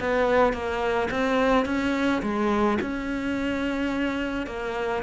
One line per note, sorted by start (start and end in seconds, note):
0.00 0.53 B3
0.53 1.09 A#3
1.11 1.66 C4
1.66 2.22 C#4
2.23 2.79 G#3
2.81 4.47 C#4
4.47 5.03 A#3